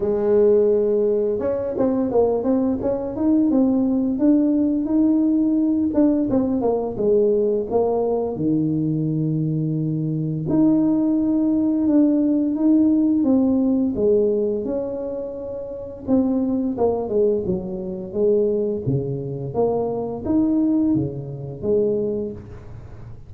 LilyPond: \new Staff \with { instrumentName = "tuba" } { \time 4/4 \tempo 4 = 86 gis2 cis'8 c'8 ais8 c'8 | cis'8 dis'8 c'4 d'4 dis'4~ | dis'8 d'8 c'8 ais8 gis4 ais4 | dis2. dis'4~ |
dis'4 d'4 dis'4 c'4 | gis4 cis'2 c'4 | ais8 gis8 fis4 gis4 cis4 | ais4 dis'4 cis4 gis4 | }